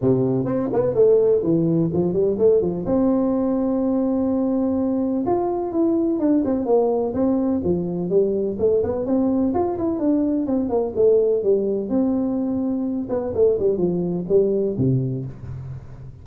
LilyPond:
\new Staff \with { instrumentName = "tuba" } { \time 4/4 \tempo 4 = 126 c4 c'8 b8 a4 e4 | f8 g8 a8 f8 c'2~ | c'2. f'4 | e'4 d'8 c'8 ais4 c'4 |
f4 g4 a8 b8 c'4 | f'8 e'8 d'4 c'8 ais8 a4 | g4 c'2~ c'8 b8 | a8 g8 f4 g4 c4 | }